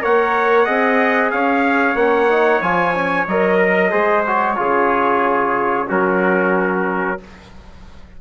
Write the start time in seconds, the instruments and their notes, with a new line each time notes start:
0.00 bassoon A#3, trombone A#4, trumpet C#5 F#5
0.65 bassoon C4, trombone G#4, trumpet D#5
1.31 bassoon C#4, trumpet C#5 F5
1.95 bassoon A#3, trombone C#4, trumpet F#5
2.30 trombone D#4
2.61 bassoon F3, trombone F4, trumpet G#5
2.95 trombone C#4
3.27 bassoon F#3, trombone A#4, trumpet D#5
3.58 trumpet A#4
3.91 bassoon G#3, trombone G#4, trumpet C5
4.27 trombone F#4, trumpet C#5
4.56 bassoon C#3, trombone F4, trumpet G#4
5.87 bassoon F#3, trombone C#4, trumpet F#4 A#4